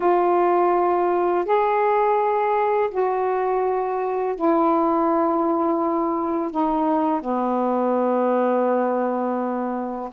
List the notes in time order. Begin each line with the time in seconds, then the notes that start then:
0.00 F4
1.45 G#4
2.90 F#4
4.35 E4
6.51 D#4
7.21 B3